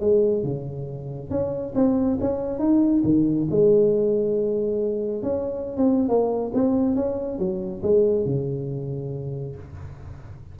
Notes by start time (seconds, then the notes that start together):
0.00 G#3
0.44 C#3
1.30 C#4
1.75 C4
2.21 C#4
2.59 D#4
3.04 D#3
3.51 G#3
5.23 C#4
5.77 C4
6.08 A#3
6.54 C4
6.96 C#4
7.38 F#3
7.83 G#3
8.25 C#3